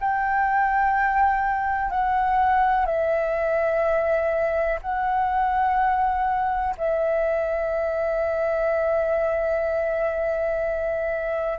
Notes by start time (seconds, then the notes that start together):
0.00 G5
1.90 F#5
2.85 E5
4.82 F#5
6.77 E5